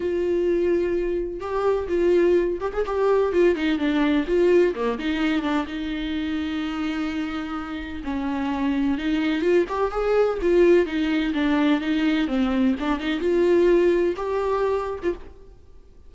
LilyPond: \new Staff \with { instrumentName = "viola" } { \time 4/4 \tempo 4 = 127 f'2. g'4 | f'4. g'16 gis'16 g'4 f'8 dis'8 | d'4 f'4 ais8 dis'4 d'8 | dis'1~ |
dis'4 cis'2 dis'4 | f'8 g'8 gis'4 f'4 dis'4 | d'4 dis'4 c'4 d'8 dis'8 | f'2 g'4.~ g'16 f'16 | }